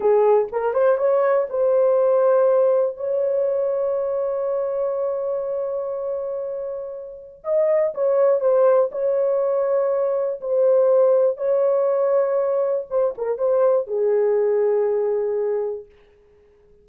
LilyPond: \new Staff \with { instrumentName = "horn" } { \time 4/4 \tempo 4 = 121 gis'4 ais'8 c''8 cis''4 c''4~ | c''2 cis''2~ | cis''1~ | cis''2. dis''4 |
cis''4 c''4 cis''2~ | cis''4 c''2 cis''4~ | cis''2 c''8 ais'8 c''4 | gis'1 | }